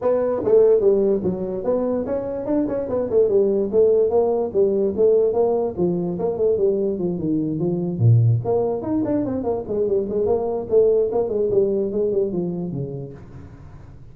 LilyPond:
\new Staff \with { instrumentName = "tuba" } { \time 4/4 \tempo 4 = 146 b4 a4 g4 fis4 | b4 cis'4 d'8 cis'8 b8 a8 | g4 a4 ais4 g4 | a4 ais4 f4 ais8 a8 |
g4 f8 dis4 f4 ais,8~ | ais,8 ais4 dis'8 d'8 c'8 ais8 gis8 | g8 gis8 ais4 a4 ais8 gis8 | g4 gis8 g8 f4 cis4 | }